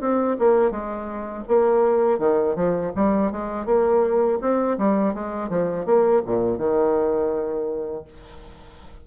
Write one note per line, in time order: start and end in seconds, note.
0.00 0.37 C4
0.39 0.71 A#3
0.71 1.44 G#3
1.48 2.19 A#3
2.19 2.55 D#3
2.55 2.92 F3
2.95 3.31 G3
3.31 3.65 G#3
3.65 4.38 A#3
4.41 4.77 C4
4.78 5.14 G3
5.14 5.49 G#3
5.49 5.85 F3
5.85 6.22 A#3
6.26 6.58 A#2
6.58 8.04 D#3